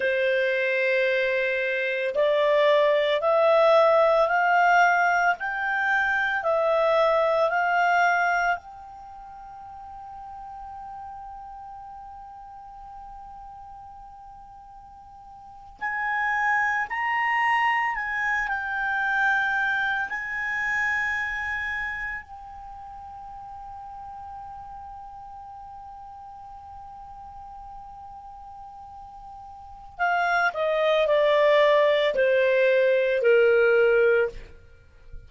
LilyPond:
\new Staff \with { instrumentName = "clarinet" } { \time 4/4 \tempo 4 = 56 c''2 d''4 e''4 | f''4 g''4 e''4 f''4 | g''1~ | g''2~ g''8. gis''4 ais''16~ |
ais''8. gis''8 g''4. gis''4~ gis''16~ | gis''8. g''2.~ g''16~ | g''1 | f''8 dis''8 d''4 c''4 ais'4 | }